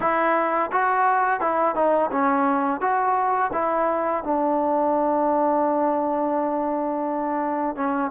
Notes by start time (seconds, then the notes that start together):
0.00 E4
0.72 F#4
1.40 E4
1.75 D#4
2.11 C#4
2.80 F#4
3.53 E4
4.23 D4
7.76 C#4